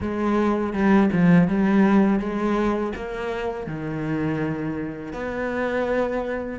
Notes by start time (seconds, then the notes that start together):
0.00 G#3
0.73 G3
1.12 F3
1.47 G3
2.19 G#3
2.95 A#3
3.67 D#3
5.12 B3